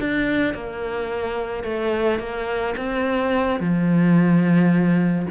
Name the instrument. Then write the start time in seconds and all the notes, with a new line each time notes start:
cello
0.00 D4
0.54 A#3
1.64 A3
2.19 A#3
2.77 C4
3.60 F3